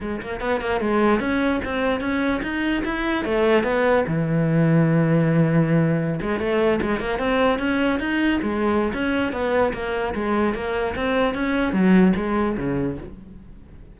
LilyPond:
\new Staff \with { instrumentName = "cello" } { \time 4/4 \tempo 4 = 148 gis8 ais8 b8 ais8 gis4 cis'4 | c'4 cis'4 dis'4 e'4 | a4 b4 e2~ | e2.~ e16 gis8 a16~ |
a8. gis8 ais8 c'4 cis'4 dis'16~ | dis'8. gis4~ gis16 cis'4 b4 | ais4 gis4 ais4 c'4 | cis'4 fis4 gis4 cis4 | }